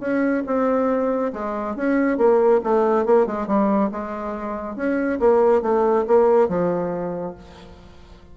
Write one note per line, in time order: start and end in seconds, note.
0.00 0.43 C#4
0.46 1.32 C4
1.33 1.76 G#3
1.76 2.18 C#4
2.18 2.61 A#3
2.64 3.05 A3
3.05 3.26 A#3
3.26 3.47 G#3
3.47 3.90 G3
3.91 4.76 G#3
4.76 5.19 C#4
5.20 5.62 A#3
5.62 6.05 A3
6.07 6.48 A#3
6.48 7.35 F3